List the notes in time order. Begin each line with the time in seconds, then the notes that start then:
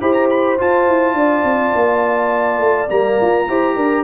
0.00 E4 G4 C5 B5
0.13 A#5
0.29 B5
0.58 F4 A5
0.87 E4
1.14 D4 D5
1.43 C4
1.75 A#3
2.58 A3
2.89 G3 A#3 A#5
3.21 F4
3.48 E4 G4 C5
3.75 D4 A#4